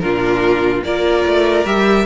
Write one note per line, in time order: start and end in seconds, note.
0.00 0.84 A#2
0.00 0.85 D4
0.00 0.85 F4
0.00 0.82 A#4
0.84 1.25 A#3
0.84 1.66 F4
0.84 2.06 A#4
0.84 1.66 D5
1.27 1.66 A3
1.66 2.06 G3
1.66 2.06 G4
1.66 2.06 E5